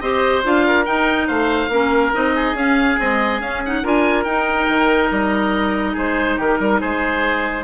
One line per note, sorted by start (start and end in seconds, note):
0.00 0.43 C4
0.00 0.44 G4
0.00 0.67 C5
0.00 0.43 D#5
0.44 0.87 D4
0.44 0.85 F4
0.44 0.85 F5
0.67 1.27 A#4
0.85 1.70 D#4
0.85 1.29 D#4
0.85 1.27 G5
1.27 1.68 A3
1.27 1.70 C5
1.27 2.12 F5
1.68 2.11 A#3
1.68 2.13 C#4
1.68 2.35 A#4
2.13 2.53 C4
2.13 2.56 D#4
2.13 2.57 D#5
2.35 3.83 G#4
2.53 2.96 C#4
2.53 2.99 C#4
2.53 3.00 F5
2.99 3.42 G#3
2.99 3.40 C4
2.99 3.41 D#5
3.40 3.82 C#4
3.40 3.64 C#4
3.40 3.62 F5
3.66 3.84 D#4
3.66 3.87 F#5
3.83 4.25 D4
3.83 4.26 F4
3.83 5.93 A#4
3.83 4.24 G#5
4.24 4.68 D#4
4.24 7.64 D#4
4.24 5.09 G5
4.68 5.11 D#3
5.11 5.96 G3
5.11 5.96 D#5
5.93 6.38 G#3
5.93 6.35 G#4
5.93 6.40 C5
6.37 6.59 D#3
6.37 6.58 G4
6.37 6.80 A#4
6.59 6.81 G3
6.59 6.80 A#4
6.80 7.64 G#3
6.80 7.64 G#4
6.80 7.64 C5